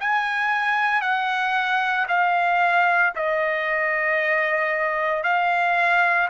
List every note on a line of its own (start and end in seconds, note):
0.00 1.01 G#5
1.01 2.06 F#5
2.08 3.13 F5
3.15 5.23 D#5
5.23 6.29 F5